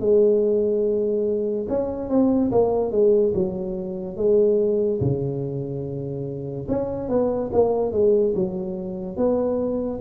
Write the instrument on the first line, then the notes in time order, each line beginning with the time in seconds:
tuba
0.00 G#3
1.69 C#4
2.09 C4
2.52 A#3
2.91 G#3
3.34 F#3
4.17 G#3
5.01 C#3
6.69 C#4
7.09 B3
7.53 A#3
7.92 G#3
8.35 F#3
9.17 B3